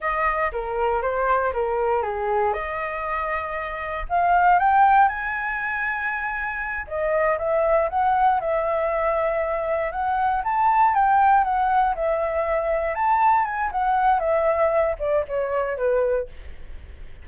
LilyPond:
\new Staff \with { instrumentName = "flute" } { \time 4/4 \tempo 4 = 118 dis''4 ais'4 c''4 ais'4 | gis'4 dis''2. | f''4 g''4 gis''2~ | gis''4. dis''4 e''4 fis''8~ |
fis''8 e''2. fis''8~ | fis''8 a''4 g''4 fis''4 e''8~ | e''4. a''4 gis''8 fis''4 | e''4. d''8 cis''4 b'4 | }